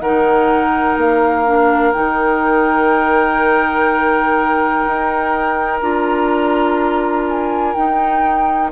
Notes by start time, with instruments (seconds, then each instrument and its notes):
0.00 bassoon D#3, clarinet D#4, oboe A#4, flute F#5
0.97 bassoon A#3, flute F5
1.45 clarinet D4
1.92 bassoon D#3, clarinet D#4, flute G5
4.87 bassoon D#4
5.80 bassoon D4, clarinet F4, flute A#5
7.29 flute G#5
7.74 clarinet D#4, bassoon D#4, flute G5